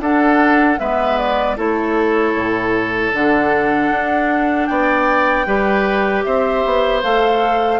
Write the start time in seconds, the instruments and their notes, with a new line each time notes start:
0.00 bassoon D4, clarinet D4, oboe A4, flute F#5
0.79 bassoon G#3, clarinet B3, oboe B4, flute E5
1.18 flute D5
1.56 bassoon A3, clarinet E4, oboe A4, flute C#5
2.34 bassoon A2
3.13 bassoon D3, clarinet D4, flute F#5
3.90 bassoon D4
4.66 bassoon B3, oboe D5, flute G5
5.46 bassoon G3, clarinet G4, oboe B4
6.24 bassoon C4, oboe C5, flute E5
6.65 bassoon B3
7.03 bassoon A3, clarinet A4, flute F5